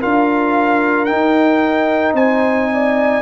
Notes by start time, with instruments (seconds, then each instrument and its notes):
0.00 tuba D4, trombone F4, horn A#4, trumpet F5
1.05 trombone D#4, trumpet G5
1.11 tuba D#4
2.13 tuba C4, horn C5, trumpet G#5
2.73 horn D5